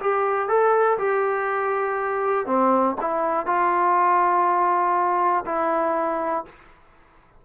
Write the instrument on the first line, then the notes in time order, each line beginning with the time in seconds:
trombone
0.00 G4
0.48 A4
0.98 G4
2.46 C4
3.01 E4
3.46 F4
5.46 E4